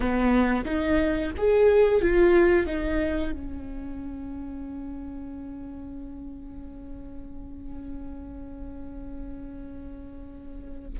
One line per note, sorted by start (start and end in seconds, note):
0.00 0.64 B3
0.64 1.31 D#4
1.37 2.01 G#4
2.01 2.66 F4
2.66 3.32 D#4
3.32 10.98 C#4